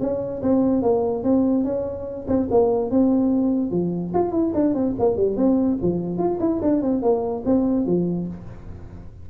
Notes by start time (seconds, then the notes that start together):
0.00 C#4
0.42 C4
0.82 A#3
1.23 C4
1.64 C#4
2.27 C4
2.50 A#3
2.90 C4
3.71 F3
4.13 F4
4.32 E4
4.54 D4
4.74 C4
4.99 A#3
5.16 G3
5.36 C4
5.82 F3
6.17 F4
6.39 E4
6.62 D4
6.81 C4
7.02 A#3
7.45 C4
7.86 F3